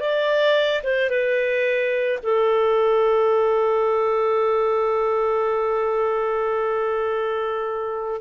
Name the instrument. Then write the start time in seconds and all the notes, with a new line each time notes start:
clarinet
0.00 D5
0.83 C5
1.10 B4
2.23 A4